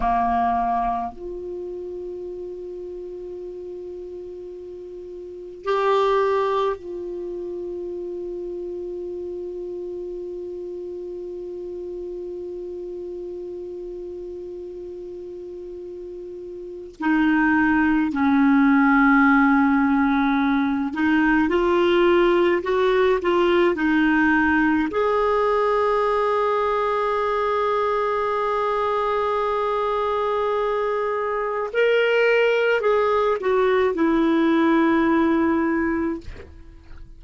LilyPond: \new Staff \with { instrumentName = "clarinet" } { \time 4/4 \tempo 4 = 53 ais4 f'2.~ | f'4 g'4 f'2~ | f'1~ | f'2. dis'4 |
cis'2~ cis'8 dis'8 f'4 | fis'8 f'8 dis'4 gis'2~ | gis'1 | ais'4 gis'8 fis'8 e'2 | }